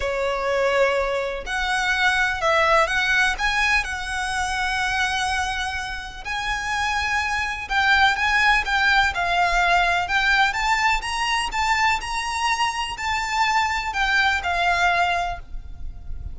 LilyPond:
\new Staff \with { instrumentName = "violin" } { \time 4/4 \tempo 4 = 125 cis''2. fis''4~ | fis''4 e''4 fis''4 gis''4 | fis''1~ | fis''4 gis''2. |
g''4 gis''4 g''4 f''4~ | f''4 g''4 a''4 ais''4 | a''4 ais''2 a''4~ | a''4 g''4 f''2 | }